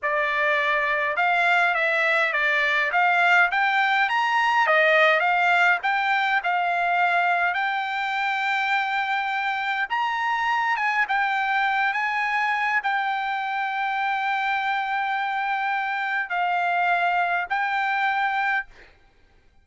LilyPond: \new Staff \with { instrumentName = "trumpet" } { \time 4/4 \tempo 4 = 103 d''2 f''4 e''4 | d''4 f''4 g''4 ais''4 | dis''4 f''4 g''4 f''4~ | f''4 g''2.~ |
g''4 ais''4. gis''8 g''4~ | g''8 gis''4. g''2~ | g''1 | f''2 g''2 | }